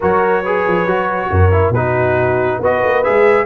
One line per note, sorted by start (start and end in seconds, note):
0.00 0.67 F#3
0.00 0.44 F#4
0.00 0.42 A#4
0.00 1.73 C#5
0.42 0.87 G#4
0.42 1.29 B4
0.67 0.86 F3
0.86 1.29 F#3
0.86 1.52 F#4
1.30 1.70 F#2
1.30 1.73 A#4
1.52 1.73 E4
1.70 2.57 B2
1.70 2.62 D#4
1.70 2.58 F#4
1.70 2.60 B4
2.58 2.81 B3
2.58 3.04 F#4
2.58 3.45 B4
2.58 3.03 D#5
2.83 3.05 A#3
3.03 3.45 G#3
3.03 3.45 G#4
3.03 3.45 E5